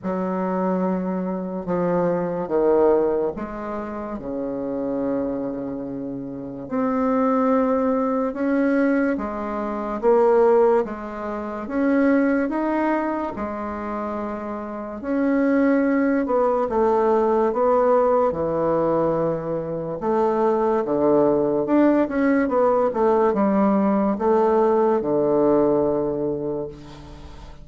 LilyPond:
\new Staff \with { instrumentName = "bassoon" } { \time 4/4 \tempo 4 = 72 fis2 f4 dis4 | gis4 cis2. | c'2 cis'4 gis4 | ais4 gis4 cis'4 dis'4 |
gis2 cis'4. b8 | a4 b4 e2 | a4 d4 d'8 cis'8 b8 a8 | g4 a4 d2 | }